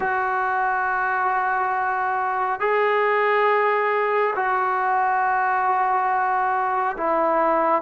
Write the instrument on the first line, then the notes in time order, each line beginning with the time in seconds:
trombone
0.00 F#4
2.60 G#4
4.35 F#4
6.97 E4